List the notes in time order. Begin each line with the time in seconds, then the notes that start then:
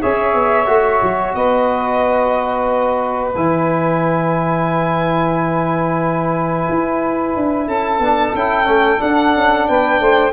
0.00 C#4 G#4 C#5 E5
0.34 B3
0.66 A3 F#4
1.02 F#3
1.34 B3 B4 D#5
3.34 E3 E4 G#5
6.69 E4
7.36 D4
7.67 C#4 A4 A5
7.99 B3 D4
8.34 C#4 E4 G5
8.65 A3 C#4
8.98 D4 F#5
9.35 C#4
9.67 B3 B4 G5
10.00 A3 C5